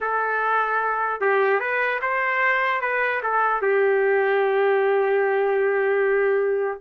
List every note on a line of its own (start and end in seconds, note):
0.00 1.20 A4
1.21 1.59 G4
1.59 1.99 B4
2.01 2.81 C5
2.81 3.21 B4
3.23 3.61 A4
3.61 6.81 G4